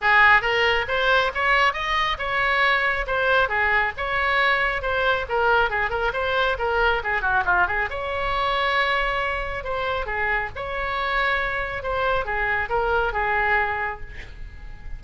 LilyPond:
\new Staff \with { instrumentName = "oboe" } { \time 4/4 \tempo 4 = 137 gis'4 ais'4 c''4 cis''4 | dis''4 cis''2 c''4 | gis'4 cis''2 c''4 | ais'4 gis'8 ais'8 c''4 ais'4 |
gis'8 fis'8 f'8 gis'8 cis''2~ | cis''2 c''4 gis'4 | cis''2. c''4 | gis'4 ais'4 gis'2 | }